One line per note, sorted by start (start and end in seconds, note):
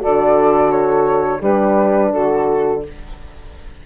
0.00 1.41 D3
0.00 1.41 F#4
0.00 1.40 A4
0.00 0.71 D5
0.71 1.41 C#5
1.40 2.12 G3
1.40 2.84 D4
1.40 2.10 G4
1.40 2.13 B4
2.12 2.86 D3
2.12 2.83 F#4
2.12 2.83 A4